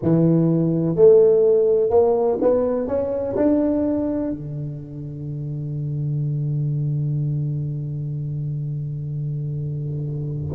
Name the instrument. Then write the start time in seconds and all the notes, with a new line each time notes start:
tuba
0.02 E3
0.95 A3
1.90 A#3
2.41 B3
2.87 C#4
3.36 D4
4.31 D3